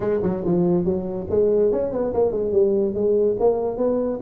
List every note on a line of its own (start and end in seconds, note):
0.00 0.20 G#3
0.22 0.43 F#3
0.44 0.84 F3
0.84 1.27 F#3
1.29 1.72 G#3
1.72 1.91 C#4
1.91 2.13 B3
2.13 2.31 A#3
2.31 2.52 G#3
2.52 2.94 G3
2.94 3.36 G#3
3.39 3.77 A#3
3.77 4.19 B3